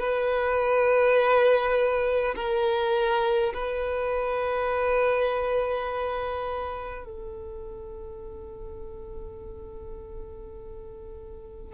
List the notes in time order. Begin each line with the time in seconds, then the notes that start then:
0.00 B4
2.36 A#4
3.54 B4
7.05 A4